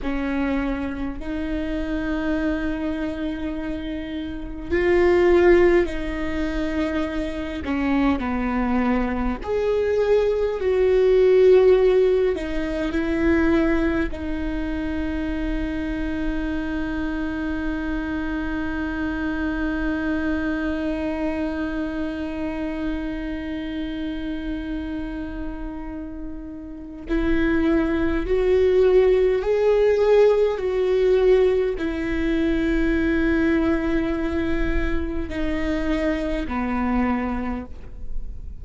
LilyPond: \new Staff \with { instrumentName = "viola" } { \time 4/4 \tempo 4 = 51 cis'4 dis'2. | f'4 dis'4. cis'8 b4 | gis'4 fis'4. dis'8 e'4 | dis'1~ |
dis'1~ | dis'2. e'4 | fis'4 gis'4 fis'4 e'4~ | e'2 dis'4 b4 | }